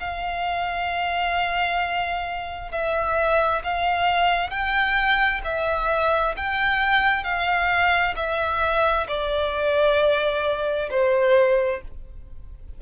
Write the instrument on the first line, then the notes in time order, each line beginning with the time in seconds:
violin
0.00 F5
2.71 E5
3.64 F5
4.50 G5
5.44 E5
6.37 G5
7.24 F5
8.16 E5
9.08 D5
10.90 C5